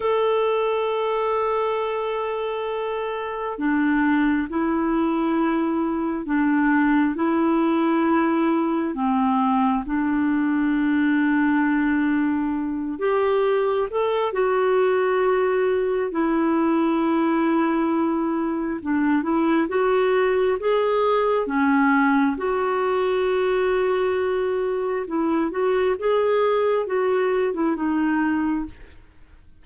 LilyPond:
\new Staff \with { instrumentName = "clarinet" } { \time 4/4 \tempo 4 = 67 a'1 | d'4 e'2 d'4 | e'2 c'4 d'4~ | d'2~ d'8 g'4 a'8 |
fis'2 e'2~ | e'4 d'8 e'8 fis'4 gis'4 | cis'4 fis'2. | e'8 fis'8 gis'4 fis'8. e'16 dis'4 | }